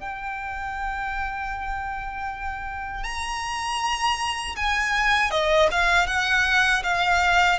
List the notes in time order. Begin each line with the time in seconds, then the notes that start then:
0.00 G5
3.04 A#5
4.56 G#5
5.31 D#5
5.71 F5
6.07 F#5
6.84 F5